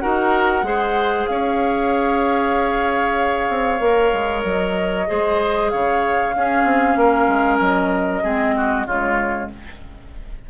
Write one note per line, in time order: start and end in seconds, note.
0.00 0.63 D#4
0.00 0.64 F#4
0.00 0.66 A#4
0.00 1.26 F#5
0.63 1.26 G#3
0.63 3.80 G#4
0.63 1.30 C5
1.27 3.49 C#4
1.27 5.09 C#5
1.27 4.43 F5
3.49 3.80 C4
3.80 4.12 A#3
3.80 5.07 A#4
4.13 4.44 G#3
4.44 5.07 F#3
4.44 5.69 D#5
5.07 5.73 G#3
5.07 6.33 G#4
5.07 5.72 C5
5.69 6.35 C#3
5.69 6.35 C#5
5.69 7.59 F5
6.35 8.24 C#4
6.35 6.64 C#4
6.35 6.99 G#4
6.64 6.96 C4
6.96 7.28 A#3
6.96 8.23 A#4
7.28 7.60 G#3
7.60 8.23 F#3
7.60 8.87 D#5
8.23 8.86 G#3
8.23 8.87 C4
8.23 8.55 G#4
8.57 8.87 F#4
8.86 9.49 C#3
8.86 9.50 G#3
8.86 9.50 F4
8.86 9.50 C#5